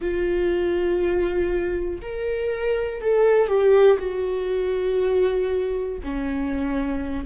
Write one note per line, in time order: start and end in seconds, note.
0.00 2.00 F4
2.01 3.00 A#4
3.00 3.47 A4
3.47 3.97 G4
3.99 5.99 F#4
6.03 7.25 C#4